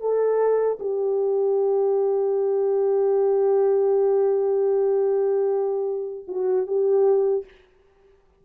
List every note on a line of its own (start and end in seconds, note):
0.00 0.78 A4
0.79 6.25 G4
6.28 6.67 F#4
6.67 7.45 G4